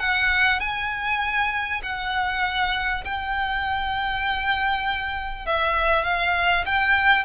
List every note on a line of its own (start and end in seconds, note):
0.00 0.60 F#5
0.60 1.82 G#5
1.83 3.05 F#5
3.05 5.46 G5
5.46 6.05 E5
6.05 6.65 F5
6.66 7.25 G5